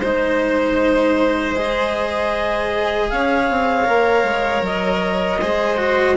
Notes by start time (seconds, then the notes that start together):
0.00 G#3 D#4 C5
1.57 G#4 D#5
3.10 C#4 C#5 F5
3.50 C4
3.85 A#3 A#4
4.24 G#3
4.62 F#3 D#5
5.41 G#3 G#4 C5
5.77 F#4